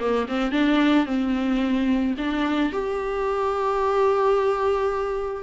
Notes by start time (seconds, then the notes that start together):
0.00 A#3
0.29 C4
0.52 D4
1.06 C4
2.18 D4
2.73 G4